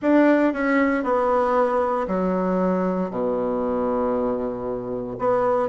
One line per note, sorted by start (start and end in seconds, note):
0.02 0.53 D4
0.53 1.03 C#4
1.03 2.06 B3
2.07 3.10 F#3
3.10 5.17 B2
5.19 5.68 B3